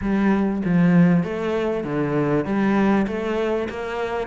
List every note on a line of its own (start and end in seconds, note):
0.01 0.62 G3
0.64 1.23 F3
1.23 1.84 A3
1.84 2.45 D3
2.45 3.06 G3
3.07 3.68 A3
3.69 4.27 A#3